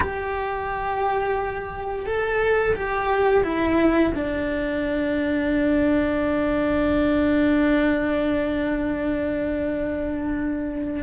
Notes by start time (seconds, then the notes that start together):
0.00 G4
2.06 A4
2.75 G4
3.43 E4
4.14 D4